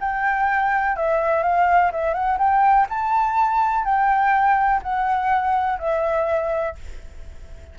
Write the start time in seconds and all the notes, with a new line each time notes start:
0.00 G5
0.96 E5
1.43 F5
1.92 E5
2.13 F#5
2.38 G5
2.89 A5
3.84 G5
4.82 F#5
5.78 E5